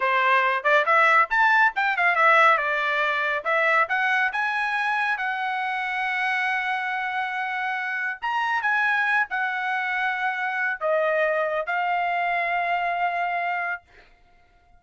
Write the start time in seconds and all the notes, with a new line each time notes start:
0.00 C5
0.63 D5
0.85 E5
1.29 A5
1.75 G5
1.96 F5
2.15 E5
2.57 D5
3.44 E5
3.88 F#5
4.32 G#5
5.17 F#5
8.21 A#5
8.62 G#5
9.29 F#5
10.80 D#5
11.66 F5